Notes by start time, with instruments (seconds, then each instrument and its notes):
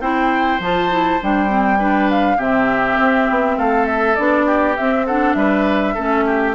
0.00 bassoon C4, clarinet E4, oboe C5, flute G5
0.59 bassoon F3, clarinet F4, flute A5
0.90 clarinet E4
1.21 bassoon G3, clarinet D4, flute G5
1.48 clarinet C4
1.78 clarinet D4, oboe B4
2.11 flute F5
2.37 bassoon C3, clarinet C4, oboe G4, flute E5
2.99 bassoon C4
3.29 bassoon B3
3.57 bassoon A3, oboe A4, flute F5
3.86 flute E5
4.15 bassoon B3, clarinet D4, flute D5
4.46 oboe G4
4.76 clarinet C4, bassoon C4, flute E5
5.06 clarinet D4, oboe A4, flute F#5
5.33 bassoon G3, oboe B4, flute E5
5.94 bassoon A3, clarinet C#4, oboe A4
6.26 oboe G4